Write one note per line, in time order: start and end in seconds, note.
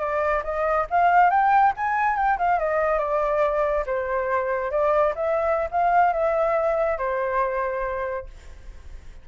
0.00 0.43 D5
0.44 0.87 D#5
0.91 1.31 F5
1.31 1.73 G5
1.77 2.17 G#5
2.17 2.38 G5
2.39 2.59 F5
2.59 2.99 D#5
2.99 3.85 D5
3.86 4.71 C5
4.71 5.14 D5
5.16 5.69 E5
5.71 6.13 F5
6.13 6.99 E5
6.99 8.27 C5